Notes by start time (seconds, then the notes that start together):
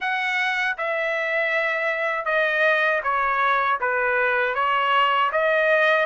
0.00 F#5
0.77 E5
2.25 D#5
3.03 C#5
3.80 B4
4.54 C#5
5.32 D#5